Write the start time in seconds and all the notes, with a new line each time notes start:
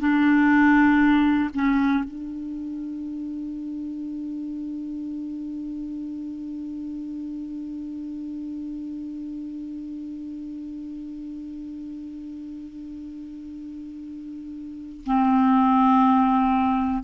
0.00 D4
1.55 C#4
2.04 D4
15.05 C4